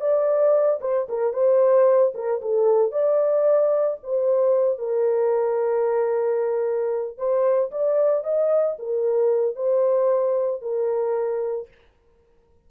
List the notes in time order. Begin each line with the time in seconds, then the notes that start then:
0.00 D5
0.80 C5
1.08 A#4
1.33 C5
2.14 A#4
2.41 A4
2.91 D5
4.03 C5
4.78 A#4
7.17 C5
7.71 D5
8.23 D#5
8.78 A#4
9.55 C5
10.61 A#4